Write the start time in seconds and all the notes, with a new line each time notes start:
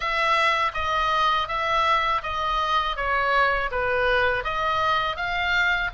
0.00 E5
0.74 D#5
1.47 E5
2.22 D#5
2.96 C#5
3.71 B4
4.43 D#5
5.16 F5